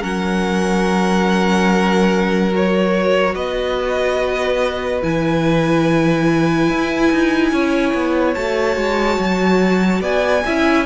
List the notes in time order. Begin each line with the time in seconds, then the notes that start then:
0.00 F#3 C#4 A#4 F#5
2.52 F#4 C#5
3.35 B3 B4 D#5
5.02 E3 E4 G#5
6.69 E4
7.11 D#4
7.51 C#4 C#5
7.93 B3
8.34 A3 F#4 A5
8.76 G#3
9.19 F#3
10.01 B3 D5 G#5
10.45 C#4 E4 E5